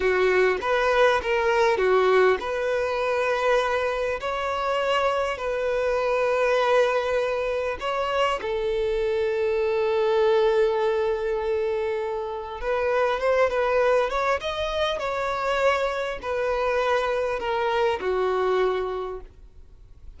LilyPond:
\new Staff \with { instrumentName = "violin" } { \time 4/4 \tempo 4 = 100 fis'4 b'4 ais'4 fis'4 | b'2. cis''4~ | cis''4 b'2.~ | b'4 cis''4 a'2~ |
a'1~ | a'4 b'4 c''8 b'4 cis''8 | dis''4 cis''2 b'4~ | b'4 ais'4 fis'2 | }